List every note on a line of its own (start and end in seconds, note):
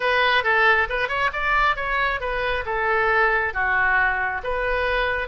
0.00 0.43 B4
0.43 0.87 A4
0.89 1.08 B4
1.08 1.30 C#5
1.33 1.76 D5
1.76 2.20 C#5
2.20 2.64 B4
2.65 3.53 A4
3.53 4.41 F#4
4.43 5.28 B4